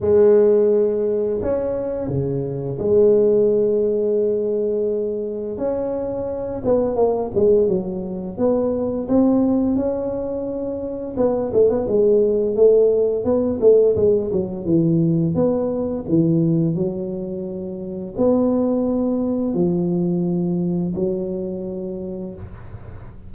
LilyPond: \new Staff \with { instrumentName = "tuba" } { \time 4/4 \tempo 4 = 86 gis2 cis'4 cis4 | gis1 | cis'4. b8 ais8 gis8 fis4 | b4 c'4 cis'2 |
b8 a16 b16 gis4 a4 b8 a8 | gis8 fis8 e4 b4 e4 | fis2 b2 | f2 fis2 | }